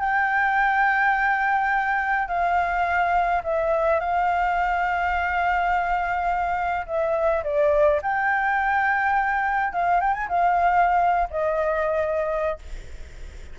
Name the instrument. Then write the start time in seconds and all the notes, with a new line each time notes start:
flute
0.00 G5
2.28 F5
3.44 E5
4.01 F5
6.87 E5
7.44 D5
8.03 G5
9.73 F5
10.01 G5
10.14 G#5
10.29 F5
11.31 D#5